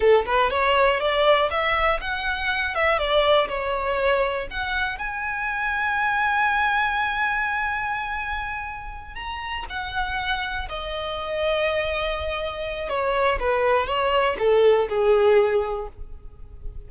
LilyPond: \new Staff \with { instrumentName = "violin" } { \time 4/4 \tempo 4 = 121 a'8 b'8 cis''4 d''4 e''4 | fis''4. e''8 d''4 cis''4~ | cis''4 fis''4 gis''2~ | gis''1~ |
gis''2~ gis''8 ais''4 fis''8~ | fis''4. dis''2~ dis''8~ | dis''2 cis''4 b'4 | cis''4 a'4 gis'2 | }